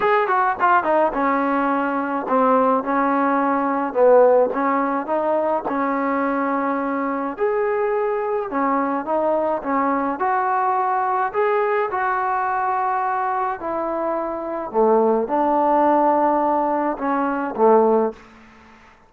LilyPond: \new Staff \with { instrumentName = "trombone" } { \time 4/4 \tempo 4 = 106 gis'8 fis'8 f'8 dis'8 cis'2 | c'4 cis'2 b4 | cis'4 dis'4 cis'2~ | cis'4 gis'2 cis'4 |
dis'4 cis'4 fis'2 | gis'4 fis'2. | e'2 a4 d'4~ | d'2 cis'4 a4 | }